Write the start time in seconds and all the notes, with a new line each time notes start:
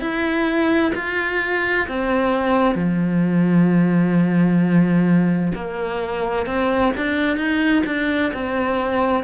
0.00 E4
0.95 F4
1.88 C4
2.75 F3
5.55 A#3
6.46 C4
6.97 D4
7.37 D#4
7.86 D4
8.33 C4